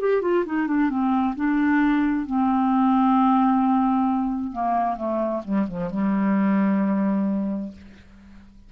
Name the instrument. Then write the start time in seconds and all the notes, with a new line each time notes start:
clarinet
0.00 G4
0.21 F4
0.45 D#4
0.67 D4
0.90 C4
1.36 D4
2.26 C4
4.52 A#3
4.97 A3
5.44 G3
5.68 F3
5.90 G3